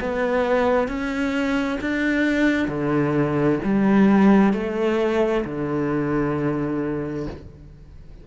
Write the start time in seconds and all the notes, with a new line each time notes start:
0.00 B3
0.88 C#4
1.81 D4
2.68 D3
3.64 G3
4.53 A3
5.45 D3